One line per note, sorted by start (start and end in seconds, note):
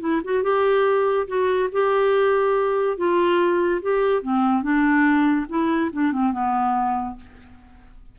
0.00 0.21 E4
0.24 0.43 F#4
0.43 1.27 G4
1.27 1.69 F#4
1.72 2.97 G4
2.97 3.81 F4
3.81 4.22 G4
4.22 4.62 C4
4.62 5.46 D4
5.49 5.90 E4
5.92 6.12 D4
6.12 6.32 C4
6.32 7.16 B3